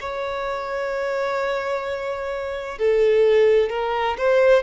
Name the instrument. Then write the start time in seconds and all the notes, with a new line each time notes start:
violin
0.00 C#5
2.78 A4
3.69 A#4
4.17 C5